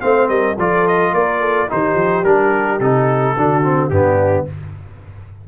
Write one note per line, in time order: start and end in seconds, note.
0.00 0.29 A3
0.00 0.56 C4
0.00 0.29 C5
0.00 0.28 F5
0.28 0.57 G3
0.28 0.57 A#4
0.28 0.56 D#5
0.57 1.13 F3
0.57 1.68 F4
0.57 1.13 A4
0.57 0.87 D5
0.87 1.14 D#5
1.13 1.68 A#3
1.13 1.41 A#4
1.13 1.70 D5
1.41 1.69 A4
1.68 1.95 D#3
1.68 2.24 D#4
1.68 3.36 G4
1.68 2.24 C5
1.95 2.23 F3
2.24 2.80 G3
2.24 2.80 D4
2.24 2.80 A#4
2.80 3.35 C3
2.80 3.37 D#4
2.80 3.89 A4
3.36 3.90 D3
3.36 3.63 D4
3.36 3.91 F#4
3.63 3.91 C4
3.89 4.45 G2
3.89 4.47 B3
3.89 4.48 D4
3.89 4.45 G4